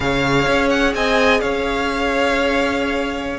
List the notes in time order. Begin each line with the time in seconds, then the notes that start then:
0.00 C#3 G#4 C#5 F5
0.47 C#4
0.69 F#5
0.94 C4 D#5 G#5
1.40 C#4 C#5 F5